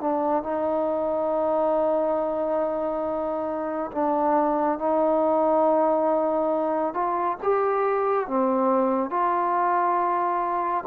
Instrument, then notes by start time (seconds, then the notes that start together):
trombone
0.00 D4
0.43 D#4
3.91 D4
4.78 D#4
6.94 F4
7.42 G4
8.27 C4
9.10 F4